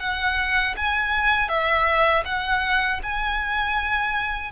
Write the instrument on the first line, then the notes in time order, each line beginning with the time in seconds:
violin
0.00 F#5
0.77 G#5
1.49 E5
2.25 F#5
3.03 G#5